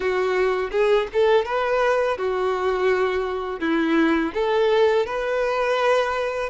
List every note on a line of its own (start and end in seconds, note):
0.00 0.70 F#4
0.71 1.07 G#4
1.13 1.45 A4
1.45 2.17 B4
2.17 3.59 F#4
3.59 4.32 E4
4.34 5.06 A4
5.06 6.49 B4